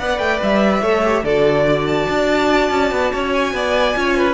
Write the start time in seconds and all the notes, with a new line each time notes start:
0.00 B3 B4 D5 F#5
0.19 A3 G5
0.43 G3 E5
0.82 A3 A4 C#5
1.04 G4
1.25 D3 F#4 A4 D5
1.66 D5
1.87 A5
2.10 D4
2.71 C#4
2.92 B3
3.12 C#4 C#5
3.33 G#5
3.54 B3 D5
3.95 C#4 F4 C#5
4.17 B4